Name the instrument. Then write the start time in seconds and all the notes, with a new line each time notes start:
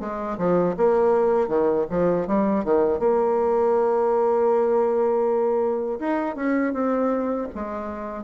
bassoon
0.00 G#3
0.38 F3
0.77 A#3
1.48 D#3
1.90 F3
2.27 G3
2.65 D#3
2.99 A#3
5.99 D#4
6.35 C#4
6.73 C4
7.55 G#3